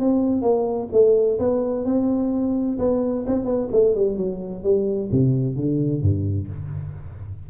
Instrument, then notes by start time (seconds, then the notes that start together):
tuba
0.00 C4
0.42 A#3
0.92 A3
1.40 B3
1.85 C4
2.79 B3
3.27 C4
3.45 B3
3.72 A3
3.95 G3
4.17 F#3
4.64 G3
5.12 C3
5.56 D3
6.02 G2